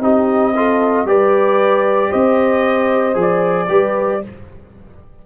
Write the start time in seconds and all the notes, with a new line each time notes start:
0.00 C4 D#4 G4 D#5
0.56 F4 A4
1.05 G3 G4 B4 D5
2.10 C4 C5 D#5
3.14 F3 G#4
3.21 D5
3.69 G3 G4 B4